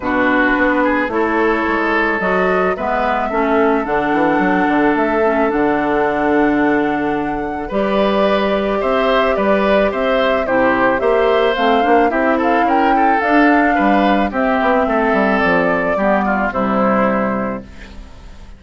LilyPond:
<<
  \new Staff \with { instrumentName = "flute" } { \time 4/4 \tempo 4 = 109 b'2 cis''2 | dis''4 e''2 fis''4~ | fis''4 e''4 fis''2~ | fis''2 d''2 |
e''4 d''4 e''4 c''4 | e''4 f''4 e''8 f''8 g''4 | f''2 e''2 | d''2 c''2 | }
  \new Staff \with { instrumentName = "oboe" } { \time 4/4 fis'4. gis'8 a'2~ | a'4 b'4 a'2~ | a'1~ | a'2 b'2 |
c''4 b'4 c''4 g'4 | c''2 g'8 a'8 ais'8 a'8~ | a'4 b'4 g'4 a'4~ | a'4 g'8 f'8 e'2 | }
  \new Staff \with { instrumentName = "clarinet" } { \time 4/4 d'2 e'2 | fis'4 b4 cis'4 d'4~ | d'4. cis'8 d'2~ | d'2 g'2~ |
g'2. e'4 | g'4 c'8 d'8 e'2 | d'2 c'2~ | c'4 b4 g2 | }
  \new Staff \with { instrumentName = "bassoon" } { \time 4/4 b,4 b4 a4 gis4 | fis4 gis4 a4 d8 e8 | fis8 d8 a4 d2~ | d2 g2 |
c'4 g4 c'4 c4 | ais4 a8 ais8 c'4 cis'4 | d'4 g4 c'8 b8 a8 g8 | f4 g4 c2 | }
>>